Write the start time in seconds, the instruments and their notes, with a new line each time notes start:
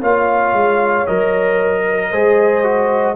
0.00 tuba A#3, trombone F4, horn C#5, trumpet F5
0.52 tuba G#3
1.06 tuba F#3, trombone A#4, trumpet D#5
1.89 horn A#4
2.11 tuba G#3, trombone G#4, horn C5
2.63 trombone F#4